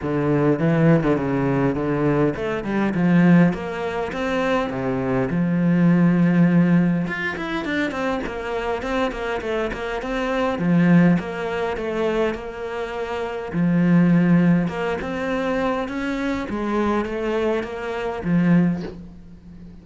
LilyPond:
\new Staff \with { instrumentName = "cello" } { \time 4/4 \tempo 4 = 102 d4 e8. d16 cis4 d4 | a8 g8 f4 ais4 c'4 | c4 f2. | f'8 e'8 d'8 c'8 ais4 c'8 ais8 |
a8 ais8 c'4 f4 ais4 | a4 ais2 f4~ | f4 ais8 c'4. cis'4 | gis4 a4 ais4 f4 | }